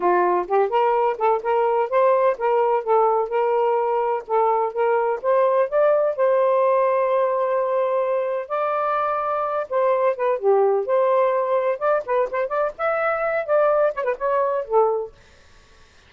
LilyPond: \new Staff \with { instrumentName = "saxophone" } { \time 4/4 \tempo 4 = 127 f'4 g'8 ais'4 a'8 ais'4 | c''4 ais'4 a'4 ais'4~ | ais'4 a'4 ais'4 c''4 | d''4 c''2.~ |
c''2 d''2~ | d''8 c''4 b'8 g'4 c''4~ | c''4 d''8 b'8 c''8 d''8 e''4~ | e''8 d''4 cis''16 b'16 cis''4 a'4 | }